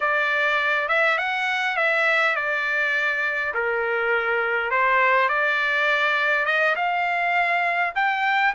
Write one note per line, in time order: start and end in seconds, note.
0.00 0.88 D5
0.88 1.17 E5
1.18 1.76 F#5
1.76 2.35 E5
2.35 3.53 D5
3.53 4.71 A#4
4.71 5.29 C5
5.29 6.45 D5
6.45 6.75 D#5
6.75 7.93 F5
7.95 8.53 G5